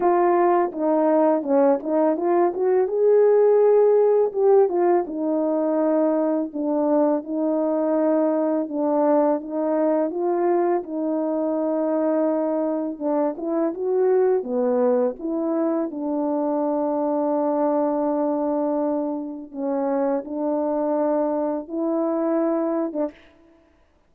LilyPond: \new Staff \with { instrumentName = "horn" } { \time 4/4 \tempo 4 = 83 f'4 dis'4 cis'8 dis'8 f'8 fis'8 | gis'2 g'8 f'8 dis'4~ | dis'4 d'4 dis'2 | d'4 dis'4 f'4 dis'4~ |
dis'2 d'8 e'8 fis'4 | b4 e'4 d'2~ | d'2. cis'4 | d'2 e'4.~ e'16 d'16 | }